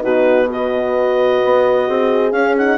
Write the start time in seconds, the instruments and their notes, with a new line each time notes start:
0.00 bassoon B2, horn D#4 F#4, clarinet B4
0.47 horn F#4 B4, clarinet D#5
1.44 bassoon B3
1.87 bassoon C4, horn G#4
2.32 bassoon C#4, horn C#4, clarinet F5
2.57 horn D#4, clarinet F#5